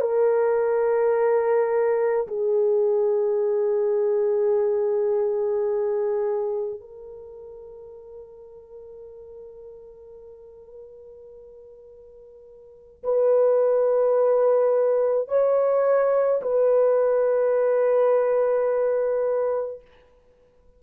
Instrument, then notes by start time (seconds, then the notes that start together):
horn
0.00 A#4
2.27 G#4
6.80 A#4
13.03 B4
15.28 C#5
16.42 B4